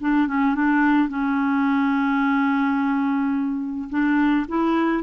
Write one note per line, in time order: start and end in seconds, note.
0.00 0.27 D4
0.27 0.54 C#4
0.54 1.08 D4
1.08 3.88 C#4
3.89 4.46 D4
4.48 5.03 E4